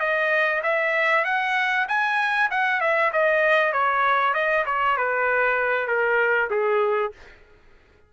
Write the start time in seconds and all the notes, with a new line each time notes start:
0.00 D#5
0.64 E5
1.25 F#5
1.88 G#5
2.51 F#5
2.81 E5
3.13 D#5
3.73 C#5
4.34 D#5
4.66 C#5
4.97 B4
5.88 A#4
6.50 G#4